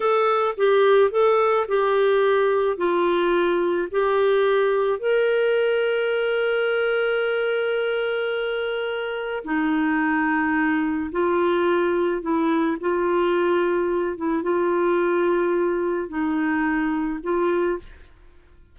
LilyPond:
\new Staff \with { instrumentName = "clarinet" } { \time 4/4 \tempo 4 = 108 a'4 g'4 a'4 g'4~ | g'4 f'2 g'4~ | g'4 ais'2.~ | ais'1~ |
ais'4 dis'2. | f'2 e'4 f'4~ | f'4. e'8 f'2~ | f'4 dis'2 f'4 | }